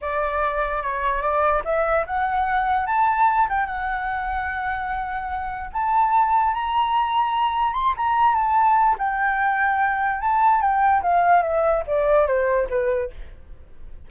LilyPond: \new Staff \with { instrumentName = "flute" } { \time 4/4 \tempo 4 = 147 d''2 cis''4 d''4 | e''4 fis''2 a''4~ | a''8 g''8 fis''2.~ | fis''2 a''2 |
ais''2. c'''8 ais''8~ | ais''8 a''4. g''2~ | g''4 a''4 g''4 f''4 | e''4 d''4 c''4 b'4 | }